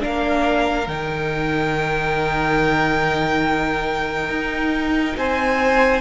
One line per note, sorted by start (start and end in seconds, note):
0.00 0.87 A#3
0.00 0.86 D4
0.00 5.18 A#4
0.00 0.88 F5
0.87 4.29 D#3
0.87 6.01 D#4
0.87 5.17 G5
4.29 5.15 D#4
5.17 6.01 C4
5.17 6.01 C5
5.17 6.01 G#5